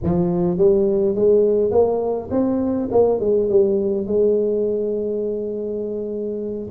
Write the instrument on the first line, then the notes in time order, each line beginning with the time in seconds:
tuba
0.03 F3
0.57 G3
1.15 G#3
1.71 A#3
2.31 C4
2.91 A#3
3.20 G#3
3.49 G3
4.06 G#3